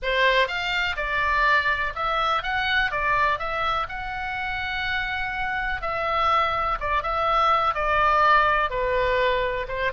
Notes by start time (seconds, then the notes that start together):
0.02 C5
0.47 F5
0.96 D5
1.95 E5
2.42 F#5
2.91 D5
3.38 E5
3.88 F#5
5.81 E5
6.80 D5
7.02 E5
7.74 D5
8.70 B4
9.68 C5